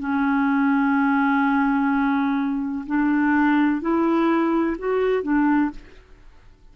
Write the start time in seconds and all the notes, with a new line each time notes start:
0.00 C#4
2.87 D4
3.82 E4
4.79 F#4
5.23 D4